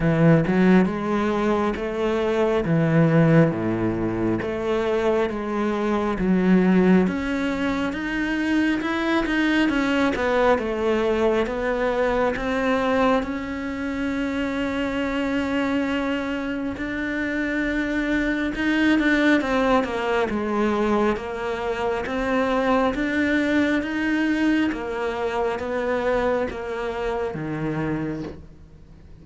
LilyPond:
\new Staff \with { instrumentName = "cello" } { \time 4/4 \tempo 4 = 68 e8 fis8 gis4 a4 e4 | a,4 a4 gis4 fis4 | cis'4 dis'4 e'8 dis'8 cis'8 b8 | a4 b4 c'4 cis'4~ |
cis'2. d'4~ | d'4 dis'8 d'8 c'8 ais8 gis4 | ais4 c'4 d'4 dis'4 | ais4 b4 ais4 dis4 | }